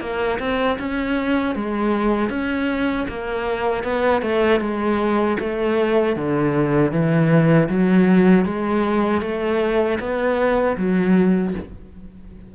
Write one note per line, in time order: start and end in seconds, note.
0.00 0.38 A#3
0.39 0.77 C4
0.79 1.55 C#4
1.55 2.29 G#3
2.29 3.06 C#4
3.08 3.83 A#3
3.83 4.21 B3
4.21 4.60 A3
4.60 5.37 G#3
5.39 6.15 A3
6.15 6.91 D3
6.91 7.68 E3
7.68 8.45 F#3
8.45 9.21 G#3
9.21 9.98 A3
9.99 10.76 B3
10.77 11.54 F#3